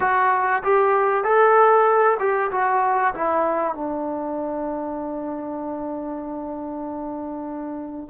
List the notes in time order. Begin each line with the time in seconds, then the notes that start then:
0.00 F#4
0.63 G4
1.24 A4
2.19 G4
2.51 F#4
3.14 E4
3.74 D4